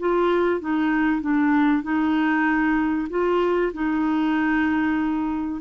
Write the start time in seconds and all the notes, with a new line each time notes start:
0.00 F4
0.61 D#4
1.22 D4
1.83 D#4
3.10 F4
3.74 D#4